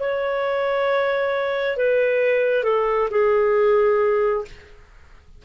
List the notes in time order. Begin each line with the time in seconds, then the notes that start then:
0.00 C#5
1.77 B4
2.64 A4
3.11 G#4